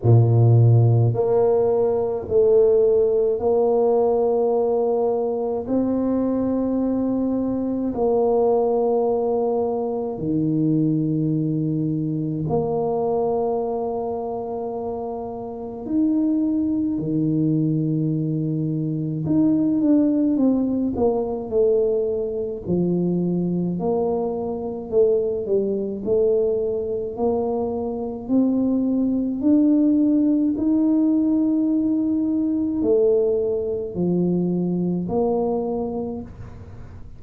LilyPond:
\new Staff \with { instrumentName = "tuba" } { \time 4/4 \tempo 4 = 53 ais,4 ais4 a4 ais4~ | ais4 c'2 ais4~ | ais4 dis2 ais4~ | ais2 dis'4 dis4~ |
dis4 dis'8 d'8 c'8 ais8 a4 | f4 ais4 a8 g8 a4 | ais4 c'4 d'4 dis'4~ | dis'4 a4 f4 ais4 | }